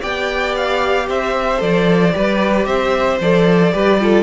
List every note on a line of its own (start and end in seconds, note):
0.00 1.08 B3
0.00 1.57 G4
0.00 1.06 D5
0.00 0.55 G5
0.56 1.09 F5
1.08 1.61 C4
1.08 2.14 C5
1.08 1.61 E5
1.57 2.14 F3
1.57 2.10 A4
1.57 2.65 D5
2.13 2.66 G3
2.13 3.19 G4
2.13 2.66 B4
2.65 3.19 C4
2.65 3.72 C5
2.65 3.18 E5
3.20 3.73 F3
3.20 3.72 A4
3.20 4.23 D5
3.72 4.23 G3
3.72 3.99 G4
3.72 3.99 B4
4.00 4.23 F4
4.00 4.23 A4